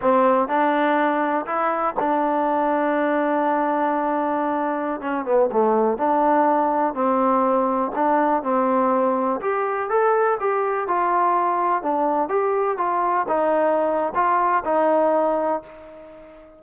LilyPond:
\new Staff \with { instrumentName = "trombone" } { \time 4/4 \tempo 4 = 123 c'4 d'2 e'4 | d'1~ | d'2~ d'16 cis'8 b8 a8.~ | a16 d'2 c'4.~ c'16~ |
c'16 d'4 c'2 g'8.~ | g'16 a'4 g'4 f'4.~ f'16~ | f'16 d'4 g'4 f'4 dis'8.~ | dis'4 f'4 dis'2 | }